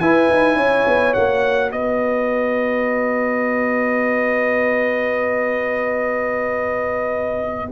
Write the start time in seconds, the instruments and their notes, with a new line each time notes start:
0.00 tuba E4, trombone E4, horn B4, trumpet G#5
0.30 tuba D#4
0.56 tuba C#4, horn C#5
0.87 tuba B3
1.14 tuba A#3, trombone F#4, trumpet F#5
1.72 tuba B3, horn B4, trumpet D#5